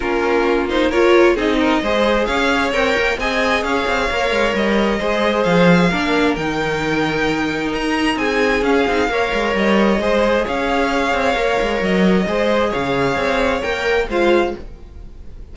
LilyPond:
<<
  \new Staff \with { instrumentName = "violin" } { \time 4/4 \tempo 4 = 132 ais'4. c''8 cis''4 dis''4~ | dis''4 f''4 g''4 gis''4 | f''2 dis''2 | f''2 g''2~ |
g''4 ais''4 gis''4 f''4~ | f''4 dis''2 f''4~ | f''2 dis''2 | f''2 g''4 f''4 | }
  \new Staff \with { instrumentName = "violin" } { \time 4/4 f'2 ais'4 gis'8 ais'8 | c''4 cis''2 dis''4 | cis''2. c''4~ | c''4 ais'2.~ |
ais'2 gis'2 | cis''2 c''4 cis''4~ | cis''2. c''4 | cis''2. c''4 | }
  \new Staff \with { instrumentName = "viola" } { \time 4/4 cis'4. dis'8 f'4 dis'4 | gis'2 ais'4 gis'4~ | gis'4 ais'2 gis'4~ | gis'4 d'4 dis'2~ |
dis'2. cis'8 dis'8 | ais'2 gis'2~ | gis'4 ais'2 gis'4~ | gis'2 ais'4 f'4 | }
  \new Staff \with { instrumentName = "cello" } { \time 4/4 ais2. c'4 | gis4 cis'4 c'8 ais8 c'4 | cis'8 c'8 ais8 gis8 g4 gis4 | f4 ais4 dis2~ |
dis4 dis'4 c'4 cis'8 c'8 | ais8 gis8 g4 gis4 cis'4~ | cis'8 c'8 ais8 gis8 fis4 gis4 | cis4 c'4 ais4 gis4 | }
>>